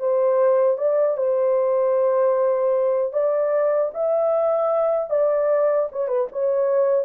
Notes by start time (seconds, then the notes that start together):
0.00 C5
0.78 D5
1.18 C5
3.13 D5
3.94 E5
5.10 D5
5.92 C#5
6.08 B4
6.32 C#5